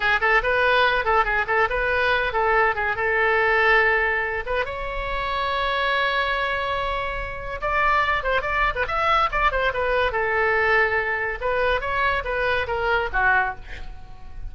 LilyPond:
\new Staff \with { instrumentName = "oboe" } { \time 4/4 \tempo 4 = 142 gis'8 a'8 b'4. a'8 gis'8 a'8 | b'4. a'4 gis'8 a'4~ | a'2~ a'8 b'8 cis''4~ | cis''1~ |
cis''2 d''4. c''8 | d''8. b'16 e''4 d''8 c''8 b'4 | a'2. b'4 | cis''4 b'4 ais'4 fis'4 | }